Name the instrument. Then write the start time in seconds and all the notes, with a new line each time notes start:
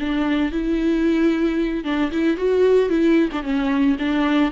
viola
0.00 D4
0.52 E4
1.84 D4
2.12 E4
2.37 F#4
2.90 E4
3.32 D4
3.43 C#4
3.99 D4